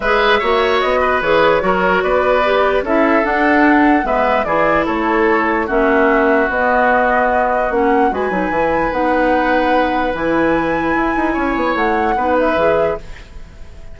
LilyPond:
<<
  \new Staff \with { instrumentName = "flute" } { \time 4/4 \tempo 4 = 148 e''2 dis''4 cis''4~ | cis''4 d''2 e''4 | fis''2 e''4 d''4 | cis''2 e''2 |
dis''2. fis''4 | gis''2 fis''2~ | fis''4 gis''2.~ | gis''4 fis''4. e''4. | }
  \new Staff \with { instrumentName = "oboe" } { \time 4/4 b'4 cis''4. b'4. | ais'4 b'2 a'4~ | a'2 b'4 gis'4 | a'2 fis'2~ |
fis'1 | b'1~ | b'1 | cis''2 b'2 | }
  \new Staff \with { instrumentName = "clarinet" } { \time 4/4 gis'4 fis'2 gis'4 | fis'2 g'4 e'4 | d'2 b4 e'4~ | e'2 cis'2 |
b2. cis'4 | fis'8 dis'8 e'4 dis'2~ | dis'4 e'2.~ | e'2 dis'4 gis'4 | }
  \new Staff \with { instrumentName = "bassoon" } { \time 4/4 gis4 ais4 b4 e4 | fis4 b2 cis'4 | d'2 gis4 e4 | a2 ais2 |
b2. ais4 | gis8 fis8 e4 b2~ | b4 e2 e'8 dis'8 | cis'8 b8 a4 b4 e4 | }
>>